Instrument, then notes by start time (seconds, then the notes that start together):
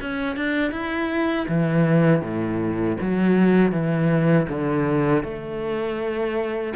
cello
0.00 C#4
0.36 D4
0.71 E4
1.48 E3
2.21 A2
3.00 F#3
3.71 E3
4.48 D3
5.23 A3